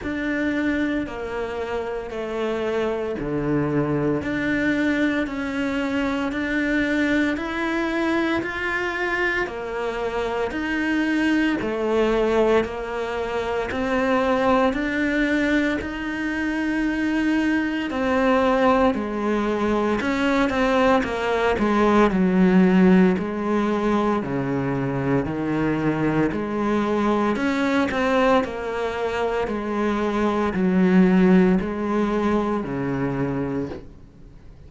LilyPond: \new Staff \with { instrumentName = "cello" } { \time 4/4 \tempo 4 = 57 d'4 ais4 a4 d4 | d'4 cis'4 d'4 e'4 | f'4 ais4 dis'4 a4 | ais4 c'4 d'4 dis'4~ |
dis'4 c'4 gis4 cis'8 c'8 | ais8 gis8 fis4 gis4 cis4 | dis4 gis4 cis'8 c'8 ais4 | gis4 fis4 gis4 cis4 | }